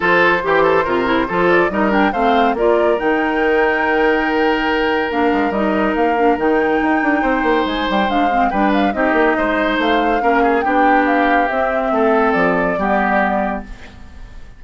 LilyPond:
<<
  \new Staff \with { instrumentName = "flute" } { \time 4/4 \tempo 4 = 141 c''2.~ c''8 d''8 | dis''8 g''8 f''4 d''4 g''4~ | g''1 | f''4 dis''4 f''4 g''4~ |
g''2 gis''8 g''8 f''4 | g''8 f''8 dis''2 f''4~ | f''4 g''4 f''4 e''4~ | e''4 d''2. | }
  \new Staff \with { instrumentName = "oboe" } { \time 4/4 a'4 g'8 a'8 ais'4 a'4 | ais'4 c''4 ais'2~ | ais'1~ | ais'1~ |
ais'4 c''2. | b'4 g'4 c''2 | ais'8 gis'8 g'2. | a'2 g'2 | }
  \new Staff \with { instrumentName = "clarinet" } { \time 4/4 f'4 g'4 f'8 e'8 f'4 | dis'8 d'8 c'4 f'4 dis'4~ | dis'1 | d'4 dis'4. d'8 dis'4~ |
dis'2. d'8 c'8 | d'4 dis'2. | cis'4 d'2 c'4~ | c'2 b2 | }
  \new Staff \with { instrumentName = "bassoon" } { \time 4/4 f4 e4 c4 f4 | g4 a4 ais4 dis4~ | dis1 | ais8 gis8 g4 ais4 dis4 |
dis'8 d'8 c'8 ais8 gis8 g8 gis4 | g4 c'8 ais8 gis4 a4 | ais4 b2 c'4 | a4 f4 g2 | }
>>